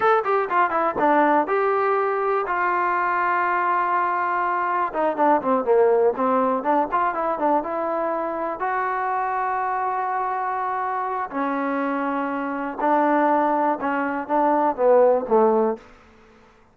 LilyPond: \new Staff \with { instrumentName = "trombone" } { \time 4/4 \tempo 4 = 122 a'8 g'8 f'8 e'8 d'4 g'4~ | g'4 f'2.~ | f'2 dis'8 d'8 c'8 ais8~ | ais8 c'4 d'8 f'8 e'8 d'8 e'8~ |
e'4. fis'2~ fis'8~ | fis'2. cis'4~ | cis'2 d'2 | cis'4 d'4 b4 a4 | }